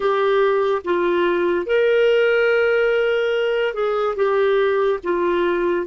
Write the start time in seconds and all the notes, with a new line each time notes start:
0.00 G4
0.84 F4
1.66 A#4
3.73 G#4
4.16 G4
5.03 F4